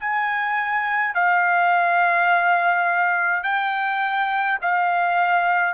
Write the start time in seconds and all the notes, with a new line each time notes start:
0.00 G#5
1.14 F5
3.43 G5
4.62 F5